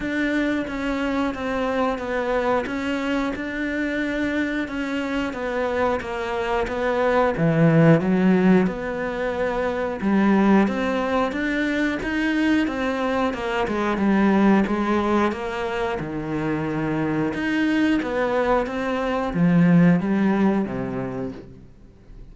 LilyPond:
\new Staff \with { instrumentName = "cello" } { \time 4/4 \tempo 4 = 90 d'4 cis'4 c'4 b4 | cis'4 d'2 cis'4 | b4 ais4 b4 e4 | fis4 b2 g4 |
c'4 d'4 dis'4 c'4 | ais8 gis8 g4 gis4 ais4 | dis2 dis'4 b4 | c'4 f4 g4 c4 | }